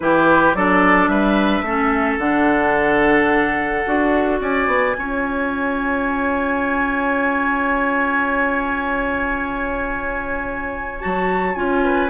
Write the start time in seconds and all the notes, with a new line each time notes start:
0.00 E3 E4 G4 B4
0.54 F#3 D4 A4 D5
1.08 G3 B4 E5
1.61 A3 C#4 A4
2.18 D3 D4 F#5
3.86 D4 F#4
4.40 C#4 D5 G#5
4.66 B3
4.95 C#4 F4 C#5
10.99 F#3 F#4 A5
11.54 C#4 F4 G#5
11.83 B4